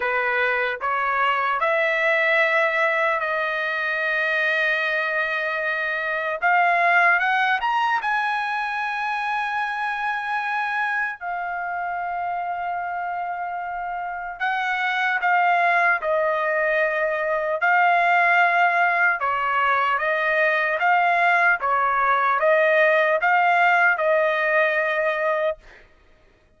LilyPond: \new Staff \with { instrumentName = "trumpet" } { \time 4/4 \tempo 4 = 75 b'4 cis''4 e''2 | dis''1 | f''4 fis''8 ais''8 gis''2~ | gis''2 f''2~ |
f''2 fis''4 f''4 | dis''2 f''2 | cis''4 dis''4 f''4 cis''4 | dis''4 f''4 dis''2 | }